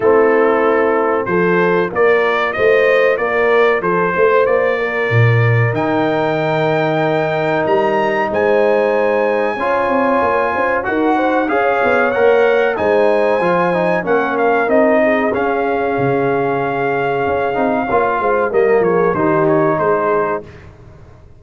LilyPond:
<<
  \new Staff \with { instrumentName = "trumpet" } { \time 4/4 \tempo 4 = 94 a'2 c''4 d''4 | dis''4 d''4 c''4 d''4~ | d''4 g''2. | ais''4 gis''2.~ |
gis''4 fis''4 f''4 fis''4 | gis''2 fis''8 f''8 dis''4 | f''1~ | f''4 dis''8 cis''8 c''8 cis''8 c''4 | }
  \new Staff \with { instrumentName = "horn" } { \time 4/4 e'2 a'4 ais'4 | c''4 ais'4 a'8 c''4 ais'8~ | ais'1~ | ais'4 c''2 cis''4~ |
cis''8 c''8 ais'8 c''8 cis''2 | c''2 ais'4. gis'8~ | gis'1 | cis''8 c''8 ais'8 gis'8 g'4 gis'4 | }
  \new Staff \with { instrumentName = "trombone" } { \time 4/4 c'2 f'2~ | f'1~ | f'4 dis'2.~ | dis'2. f'4~ |
f'4 fis'4 gis'4 ais'4 | dis'4 f'8 dis'8 cis'4 dis'4 | cis'2.~ cis'8 dis'8 | f'4 ais4 dis'2 | }
  \new Staff \with { instrumentName = "tuba" } { \time 4/4 a2 f4 ais4 | a4 ais4 f8 a8 ais4 | ais,4 dis2. | g4 gis2 cis'8 c'8 |
ais8 cis'8 dis'4 cis'8 b8 ais4 | gis4 f4 ais4 c'4 | cis'4 cis2 cis'8 c'8 | ais8 gis8 g8 f8 dis4 gis4 | }
>>